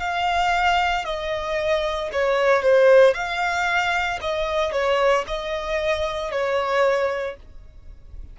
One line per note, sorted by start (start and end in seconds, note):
0.00 1.05 F5
1.05 2.11 D#5
2.13 2.63 C#5
2.63 3.14 C5
3.14 4.20 F5
4.22 4.73 D#5
4.73 5.25 C#5
5.28 6.32 D#5
6.32 7.37 C#5